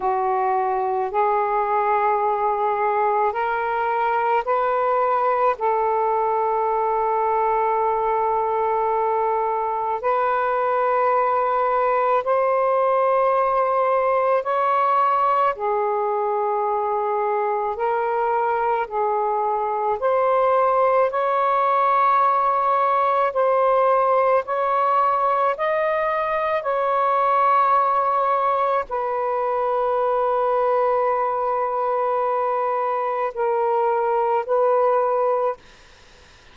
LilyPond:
\new Staff \with { instrumentName = "saxophone" } { \time 4/4 \tempo 4 = 54 fis'4 gis'2 ais'4 | b'4 a'2.~ | a'4 b'2 c''4~ | c''4 cis''4 gis'2 |
ais'4 gis'4 c''4 cis''4~ | cis''4 c''4 cis''4 dis''4 | cis''2 b'2~ | b'2 ais'4 b'4 | }